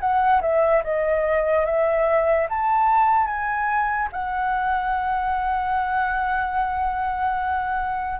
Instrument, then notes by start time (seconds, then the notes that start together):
flute
0.00 F#5
0.41 E5
0.84 D#5
1.66 E5
2.49 A5
3.27 G#5
4.12 F#5